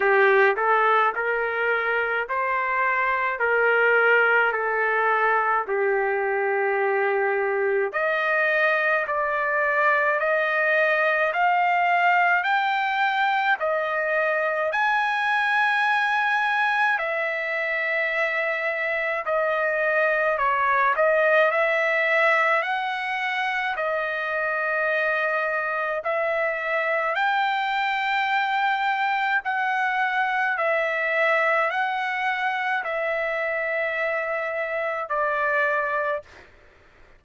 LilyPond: \new Staff \with { instrumentName = "trumpet" } { \time 4/4 \tempo 4 = 53 g'8 a'8 ais'4 c''4 ais'4 | a'4 g'2 dis''4 | d''4 dis''4 f''4 g''4 | dis''4 gis''2 e''4~ |
e''4 dis''4 cis''8 dis''8 e''4 | fis''4 dis''2 e''4 | g''2 fis''4 e''4 | fis''4 e''2 d''4 | }